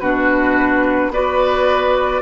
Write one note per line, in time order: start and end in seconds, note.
0.00 1.09 B2
0.00 1.12 D4
0.00 1.12 F#4
0.00 1.11 B4
1.09 2.20 B3
1.09 2.22 F#4
1.09 2.22 B4
1.09 2.22 D5